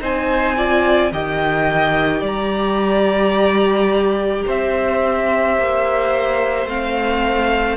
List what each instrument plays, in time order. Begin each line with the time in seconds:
0.00 cello C4, viola D#4, violin C5 G#5
0.56 viola F4, violin D5
1.11 cello D#3, viola G4, violin D#5 G5
2.21 cello G3, violin D5 A#5
4.46 cello C4, violin C5 E5
5.57 cello A#3
6.66 cello A3, viola C4, violin F5